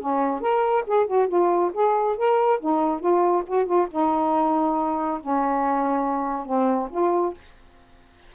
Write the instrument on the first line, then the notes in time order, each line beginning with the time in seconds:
saxophone
0.00 C#4
0.41 A#4
0.87 G#4
1.07 F#4
1.28 F4
1.74 G#4
2.17 A#4
2.60 D#4
3.00 F4
3.47 F#4
3.66 F4
3.91 D#4
5.21 C#4
6.46 C4
6.91 F4